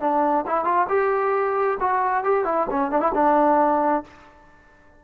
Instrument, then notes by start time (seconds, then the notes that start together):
trombone
0.00 D4
0.46 E4
0.64 F4
0.88 G4
1.80 F#4
2.24 G4
2.44 E4
2.70 C#4
2.91 D4
3.00 E4
3.14 D4